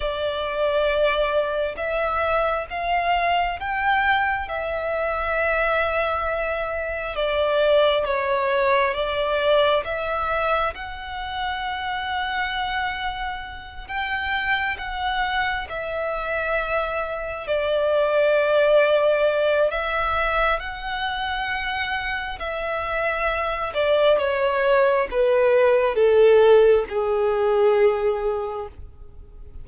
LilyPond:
\new Staff \with { instrumentName = "violin" } { \time 4/4 \tempo 4 = 67 d''2 e''4 f''4 | g''4 e''2. | d''4 cis''4 d''4 e''4 | fis''2.~ fis''8 g''8~ |
g''8 fis''4 e''2 d''8~ | d''2 e''4 fis''4~ | fis''4 e''4. d''8 cis''4 | b'4 a'4 gis'2 | }